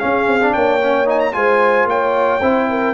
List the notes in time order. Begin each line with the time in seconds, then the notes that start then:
0.00 C#4 G#4 F5
0.27 C4
0.41 D4
0.54 A#3 C#5 G5
0.81 C#4
1.06 D#4 G#5
1.20 A#5
1.34 G#3 F4 C5 G#5
1.86 A#3 C#5 G5
2.42 C4 E4 C5
2.70 A#4